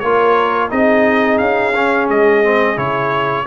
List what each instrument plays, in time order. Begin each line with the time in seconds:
0.00 tuba A#3, trombone F4, horn A#4, trumpet C#5
0.70 tuba C4, trombone D#4, horn G#4, trumpet D#5
1.39 tuba C#4, trumpet F5
1.76 trombone C#4
2.09 tuba G#3, trumpet D#5
2.44 trombone C4
2.76 tuba C#3, trombone E4, trumpet C#5